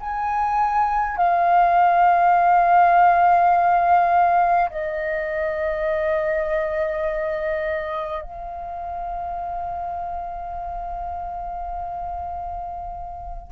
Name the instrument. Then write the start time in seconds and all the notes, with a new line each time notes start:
flute
0.00 G#5
1.17 F5
4.70 D#5
8.22 F5